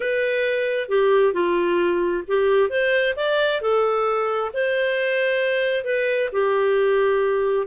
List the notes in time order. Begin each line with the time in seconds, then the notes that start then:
0.00 B4
0.88 G4
1.33 F4
2.27 G4
2.69 C5
3.16 D5
3.61 A4
4.53 C5
5.84 B4
6.32 G4